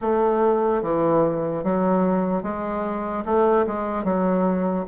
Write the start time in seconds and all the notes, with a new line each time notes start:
0.01 A3
0.82 E3
1.63 F#3
2.43 G#3
3.25 A3
3.66 G#3
4.04 F#3